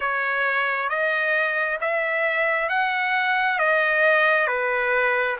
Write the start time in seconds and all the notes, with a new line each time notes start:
0.00 C#5
0.89 D#5
1.81 E5
2.69 F#5
3.59 D#5
4.47 B4